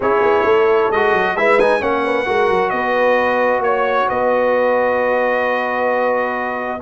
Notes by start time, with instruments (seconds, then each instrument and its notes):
0.00 tuba C#4, trombone E4, horn G#4, trumpet C#5
0.21 tuba B3
0.44 tuba A3, horn A4
0.91 tuba G#3, trombone F#4, trumpet D#5
1.13 tuba F#3
1.35 tuba G#3, trombone E4, horn B4, trumpet E5
1.59 trombone D#4, trumpet G#5
1.80 tuba A#3, trombone C#4, horn C#5, trumpet F#5
2.05 horn B4
2.25 tuba G#3, trombone F#4, horn A#4
2.49 tuba F#3
2.69 tuba B3, horn B4, trumpet D#5
3.59 tuba A#3, trumpet C#5, horn C#5
4.08 tuba B3, horn B4, trumpet D#5